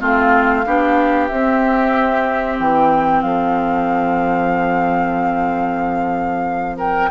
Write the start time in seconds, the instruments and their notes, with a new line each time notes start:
0.00 bassoon A3, clarinet C4, oboe F4, flute F5
0.66 bassoon B3, clarinet D4, oboe G4
1.28 bassoon C4, clarinet C4, flute E5
2.60 bassoon E3, flute G5
3.22 bassoon F3, oboe A4, flute F5
6.77 oboe A#4, flute G5